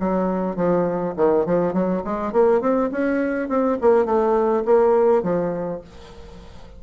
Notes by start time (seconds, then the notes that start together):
0.00 F#3
0.56 F3
1.17 D#3
1.46 F3
1.73 F#3
2.05 G#3
2.33 A#3
2.61 C4
2.92 C#4
3.49 C4
3.82 A#3
4.05 A3
4.65 A#3
5.23 F3